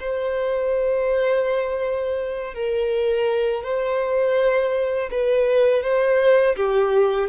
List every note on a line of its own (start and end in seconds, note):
0.00 2.54 C5
2.54 3.64 A#4
3.64 5.10 C5
5.12 5.83 B4
5.83 6.56 C5
6.57 7.29 G4